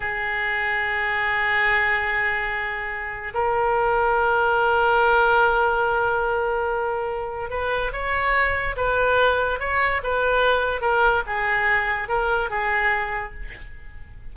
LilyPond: \new Staff \with { instrumentName = "oboe" } { \time 4/4 \tempo 4 = 144 gis'1~ | gis'1 | ais'1~ | ais'1~ |
ais'2 b'4 cis''4~ | cis''4 b'2 cis''4 | b'2 ais'4 gis'4~ | gis'4 ais'4 gis'2 | }